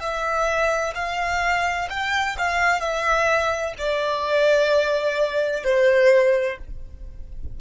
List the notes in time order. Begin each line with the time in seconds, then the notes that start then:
0.00 E5
0.95 F5
1.90 G5
2.38 F5
2.80 E5
3.78 D5
5.64 C5